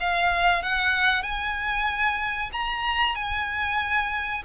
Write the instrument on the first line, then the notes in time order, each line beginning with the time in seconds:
violin
0.00 F5
0.63 F#5
1.23 G#5
2.53 A#5
3.15 G#5